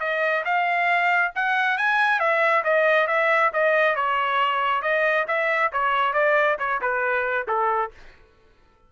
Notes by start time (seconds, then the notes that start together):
0.00 D#5
0.44 F5
1.35 F#5
1.77 G#5
2.19 E5
2.64 D#5
3.07 E5
3.53 D#5
3.96 C#5
4.82 D#5
5.28 E5
5.72 C#5
6.13 D5
6.59 C#5
6.81 B4
7.47 A4